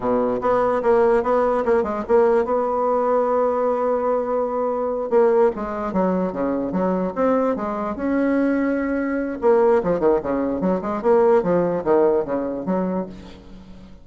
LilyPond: \new Staff \with { instrumentName = "bassoon" } { \time 4/4 \tempo 4 = 147 b,4 b4 ais4 b4 | ais8 gis8 ais4 b2~ | b1~ | b8 ais4 gis4 fis4 cis8~ |
cis8 fis4 c'4 gis4 cis'8~ | cis'2. ais4 | f8 dis8 cis4 fis8 gis8 ais4 | f4 dis4 cis4 fis4 | }